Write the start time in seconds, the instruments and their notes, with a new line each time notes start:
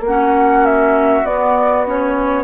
0.00 bassoon A#3, oboe F#4, flute F#5
0.07 clarinet C#4
0.66 flute E5
1.24 clarinet B3, bassoon B3, flute D5
1.86 clarinet C#4, flute C#5